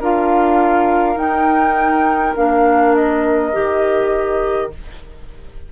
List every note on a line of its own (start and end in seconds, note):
0.00 1.16 D4
0.00 1.16 F4
0.00 4.71 A#4
0.00 1.17 F5
1.16 2.33 D#4
1.16 2.34 D#4
1.16 2.35 G5
2.36 3.54 A#3
2.36 3.53 D4
2.36 2.95 F5
2.95 4.72 D#5
3.53 4.73 D#3
3.53 4.71 G4